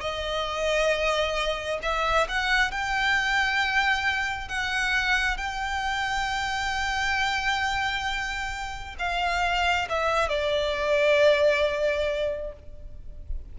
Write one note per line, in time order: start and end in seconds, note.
0.00 1.79 D#5
1.82 2.27 E5
2.28 2.71 F#5
2.71 4.48 G5
4.48 5.37 F#5
5.37 8.95 G5
8.98 9.88 F5
9.89 10.29 E5
10.29 12.53 D5